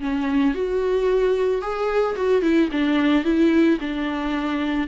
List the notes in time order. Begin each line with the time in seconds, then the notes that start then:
0.00 C#4
0.54 F#4
1.61 G#4
2.16 F#4
2.42 E4
2.71 D4
3.24 E4
3.80 D4